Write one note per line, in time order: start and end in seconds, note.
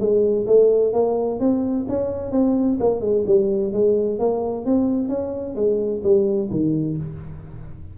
0.00 0.47 G#3
0.47 0.93 A3
0.93 1.40 A#3
1.40 1.86 C4
1.89 2.32 C#4
2.32 2.78 C4
2.80 3.01 A#3
3.01 3.24 G#3
3.27 3.73 G3
3.73 4.19 G#3
4.19 4.66 A#3
4.66 5.09 C4
5.09 5.55 C#4
5.55 6.02 G#3
6.03 6.50 G3
6.51 6.97 D#3